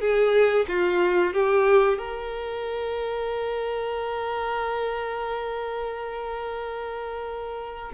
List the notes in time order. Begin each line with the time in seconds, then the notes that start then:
0.00 G#4
0.68 F4
1.33 G4
1.98 A#4